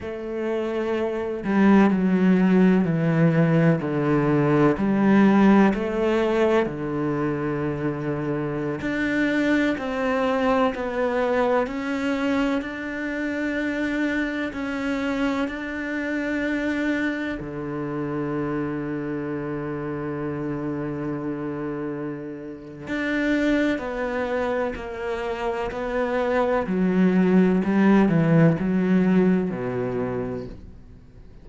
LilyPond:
\new Staff \with { instrumentName = "cello" } { \time 4/4 \tempo 4 = 63 a4. g8 fis4 e4 | d4 g4 a4 d4~ | d4~ d16 d'4 c'4 b8.~ | b16 cis'4 d'2 cis'8.~ |
cis'16 d'2 d4.~ d16~ | d1 | d'4 b4 ais4 b4 | fis4 g8 e8 fis4 b,4 | }